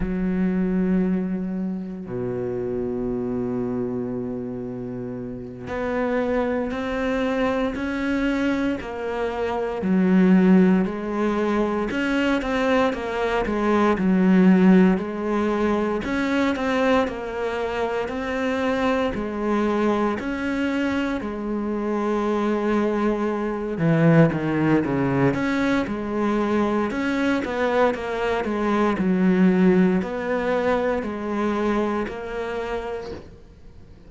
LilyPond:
\new Staff \with { instrumentName = "cello" } { \time 4/4 \tempo 4 = 58 fis2 b,2~ | b,4. b4 c'4 cis'8~ | cis'8 ais4 fis4 gis4 cis'8 | c'8 ais8 gis8 fis4 gis4 cis'8 |
c'8 ais4 c'4 gis4 cis'8~ | cis'8 gis2~ gis8 e8 dis8 | cis8 cis'8 gis4 cis'8 b8 ais8 gis8 | fis4 b4 gis4 ais4 | }